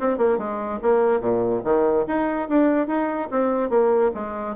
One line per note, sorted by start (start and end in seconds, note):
0.00 0.18 C4
0.18 0.38 A#3
0.38 0.80 G#3
0.82 1.21 A#3
1.21 1.62 A#2
1.64 2.06 D#3
2.07 2.49 D#4
2.49 2.87 D4
2.87 3.29 D#4
3.31 3.70 C4
3.70 4.12 A#3
4.15 4.56 G#3